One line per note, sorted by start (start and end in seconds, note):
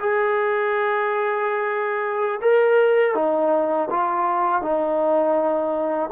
0.00 2.41 G#4
2.41 3.15 A#4
3.15 3.89 D#4
3.91 4.62 F4
4.62 6.10 D#4